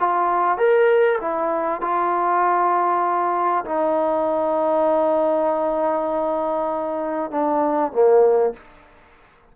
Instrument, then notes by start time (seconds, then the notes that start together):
trombone
0.00 F4
0.58 A#4
1.22 E4
1.81 F4
3.65 D#4
7.31 D4
7.92 A#3